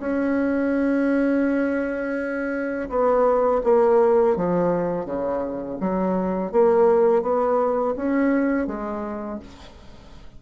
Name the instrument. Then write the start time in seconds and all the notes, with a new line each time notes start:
bassoon
0.00 C#4
2.90 B3
3.64 A#3
4.37 F3
5.06 C#3
5.81 F#3
6.52 A#3
7.23 B3
7.97 C#4
8.67 G#3